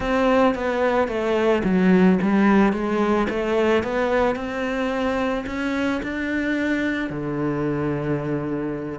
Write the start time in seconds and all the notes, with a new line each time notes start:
0.00 C4
0.54 B3
1.08 A3
1.64 F#3
2.22 G3
2.72 G#3
3.29 A3
3.83 B3
4.35 C4
5.46 C#4
6.02 D4
7.10 D3